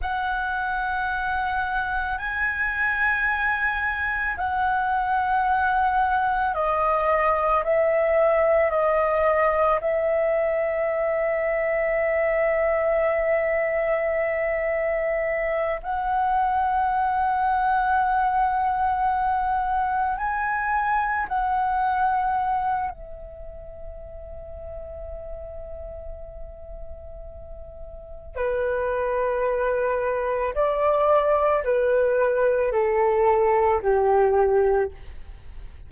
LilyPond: \new Staff \with { instrumentName = "flute" } { \time 4/4 \tempo 4 = 55 fis''2 gis''2 | fis''2 dis''4 e''4 | dis''4 e''2.~ | e''2~ e''8 fis''4.~ |
fis''2~ fis''8 gis''4 fis''8~ | fis''4 e''2.~ | e''2 b'2 | d''4 b'4 a'4 g'4 | }